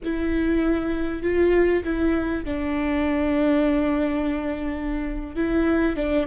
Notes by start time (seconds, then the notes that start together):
0.03 E4
1.22 F4
1.84 E4
2.45 D4
5.35 E4
5.96 D4